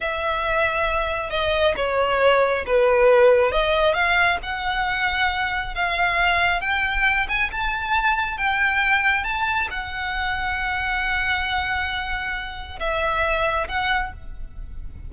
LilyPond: \new Staff \with { instrumentName = "violin" } { \time 4/4 \tempo 4 = 136 e''2. dis''4 | cis''2 b'2 | dis''4 f''4 fis''2~ | fis''4 f''2 g''4~ |
g''8 gis''8 a''2 g''4~ | g''4 a''4 fis''2~ | fis''1~ | fis''4 e''2 fis''4 | }